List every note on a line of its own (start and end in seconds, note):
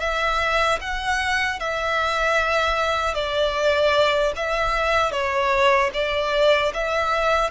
0.00 0.79 E5
0.81 1.60 F#5
1.60 3.15 E5
3.15 4.33 D5
4.36 5.12 E5
5.12 5.91 C#5
5.94 6.72 D5
6.74 7.51 E5